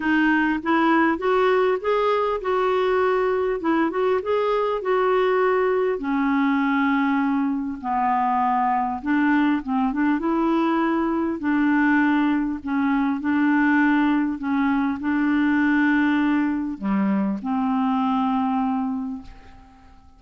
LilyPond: \new Staff \with { instrumentName = "clarinet" } { \time 4/4 \tempo 4 = 100 dis'4 e'4 fis'4 gis'4 | fis'2 e'8 fis'8 gis'4 | fis'2 cis'2~ | cis'4 b2 d'4 |
c'8 d'8 e'2 d'4~ | d'4 cis'4 d'2 | cis'4 d'2. | g4 c'2. | }